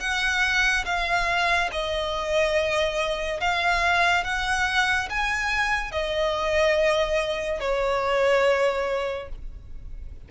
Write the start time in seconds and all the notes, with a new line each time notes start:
0.00 F#5
0.85 F5
1.72 D#5
3.40 F5
4.24 F#5
5.09 G#5
5.92 D#5
7.59 C#5